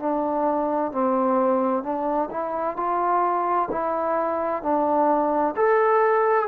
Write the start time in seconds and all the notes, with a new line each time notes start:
0.00 D4
0.92 C4
1.83 D4
2.31 E4
2.77 F4
3.71 E4
4.63 D4
5.57 A4